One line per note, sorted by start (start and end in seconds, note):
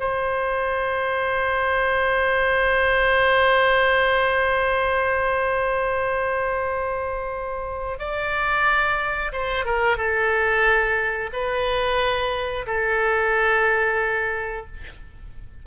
0.00 7.99 C5
7.99 9.32 D5
9.32 9.65 C5
9.65 9.97 A#4
9.97 11.31 A4
11.33 12.66 B4
12.67 14.67 A4